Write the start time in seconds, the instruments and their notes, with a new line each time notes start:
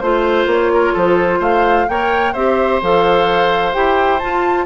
0.00 bassoon A3, clarinet F4, flute C5, oboe C5
0.46 bassoon A#3, flute C#5
0.74 oboe A#4
0.93 bassoon F3, oboe A4, flute C5
1.39 bassoon A3, oboe C5, flute F5
1.89 bassoon A#3, clarinet A#4, oboe C#5, flute G5
2.33 bassoon C4, clarinet G4, oboe C5, flute E5
2.82 bassoon F3, clarinet A4, flute F5
3.73 bassoon E4, clarinet G4, flute G5
4.19 clarinet F4, bassoon F4, flute A5